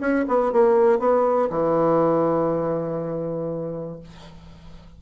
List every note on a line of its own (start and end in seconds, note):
0.00 0.25 C#4
0.27 0.52 B3
0.52 0.99 A#3
0.99 1.49 B3
1.50 4.00 E3